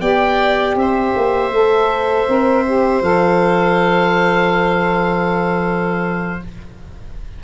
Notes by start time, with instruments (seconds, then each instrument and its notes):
0.00 tuba B3, saxophone G4, violin D5, oboe G5
0.75 tuba C4, violin C5, oboe E5
1.16 tuba A#3
1.52 tuba A3, saxophone A4
2.27 tuba C4, saxophone A#4
2.66 saxophone G4
3.01 tuba F3, saxophone A4, oboe F5